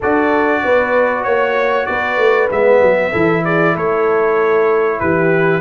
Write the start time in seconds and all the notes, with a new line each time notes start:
0.00 D4 F#4 A4 D5
0.63 B3 B4
1.23 A#3 C#5
1.86 B3 B4 D5
2.17 A3
2.51 G#3 B3 E5
2.80 F#3
3.11 E3 E4 A4
3.44 G#4 D5
3.73 A3 A4 C#5
4.99 E3 G4 B4